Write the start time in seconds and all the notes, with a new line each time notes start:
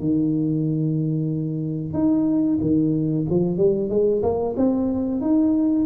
0.00 D#3
1.94 D#4
2.61 D#3
3.30 F3
3.57 G3
3.90 G#3
4.23 A#3
4.57 C4
5.21 D#4